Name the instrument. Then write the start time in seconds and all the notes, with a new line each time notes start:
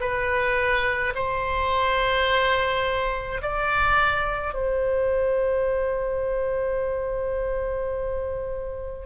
oboe
0.00 B4
1.15 C5
3.42 D5
4.53 C5